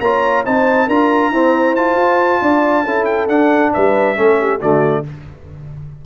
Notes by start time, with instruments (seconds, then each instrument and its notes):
0.00 tuba A#3, trombone F4, horn C#5, trumpet A#5
0.45 tuba C4, trombone D#4, horn C5, trumpet A5
0.86 tuba D4, trombone F4, horn A#4, trumpet A#5
1.30 trombone C4, tuba E4, horn C5
1.75 trombone F4, trumpet A5
1.96 tuba F4
2.41 tuba D4, horn D5
2.83 tuba C#4, trombone E4, horn A4
3.04 trumpet G5
3.28 tuba D4, trombone D4, trumpet F#5
3.73 tuba G3, horn B4, trumpet E5
4.16 tuba A3, trombone C#4, horn A4
4.39 horn G4
4.58 tuba D3, trombone A3, horn F#4, trumpet D5